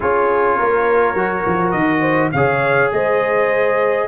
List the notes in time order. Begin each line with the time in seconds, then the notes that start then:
0.00 C#4 F4 G#4 C#5
0.57 A#3 A#4
1.14 F#3 F#4
1.46 F3
1.71 D#3 D#5
2.00 C5
2.32 C#3 G#4 C#5 F5
2.92 G#3 C5 D#5